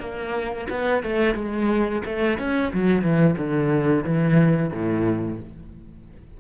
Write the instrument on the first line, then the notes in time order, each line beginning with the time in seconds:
cello
0.00 A#3
0.70 B3
1.03 A3
1.35 G#3
2.06 A3
2.39 C#4
2.74 F#3
3.02 E3
3.38 D3
4.04 E3
4.73 A2